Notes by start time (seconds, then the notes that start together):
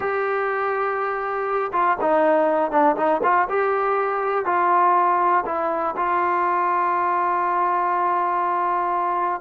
0.00 G4
1.72 F4
2.01 D#4
2.71 D4
2.96 D#4
3.23 F4
3.49 G4
4.45 F4
5.45 E4
5.96 F4